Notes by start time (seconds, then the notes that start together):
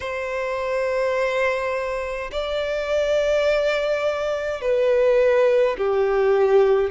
0.00 C5
2.31 D5
4.61 B4
5.77 G4